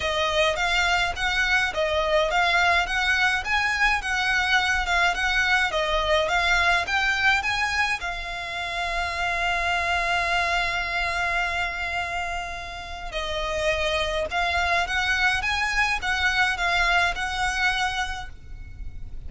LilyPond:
\new Staff \with { instrumentName = "violin" } { \time 4/4 \tempo 4 = 105 dis''4 f''4 fis''4 dis''4 | f''4 fis''4 gis''4 fis''4~ | fis''8 f''8 fis''4 dis''4 f''4 | g''4 gis''4 f''2~ |
f''1~ | f''2. dis''4~ | dis''4 f''4 fis''4 gis''4 | fis''4 f''4 fis''2 | }